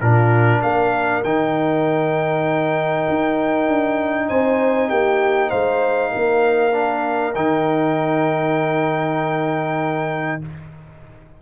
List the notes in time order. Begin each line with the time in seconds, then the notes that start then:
0.00 A#2 D4 F4 A#4
0.60 A#3 A#4 F5
1.23 D#3 D#4 G5
3.09 D#4
3.68 D4
4.27 C4 C5 G#5
4.88 A#3 G4 G5
5.49 G#3 C5 F5
6.11 A#3 A#4
6.72 D4
7.35 D#3 D#4 G5